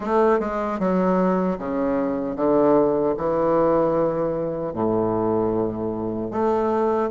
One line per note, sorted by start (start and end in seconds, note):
0.00 0.39 A3
0.39 0.79 G#3
0.79 1.58 F#3
1.58 2.35 C#3
2.35 3.14 D3
3.17 4.73 E3
4.73 6.31 A2
6.31 7.09 A3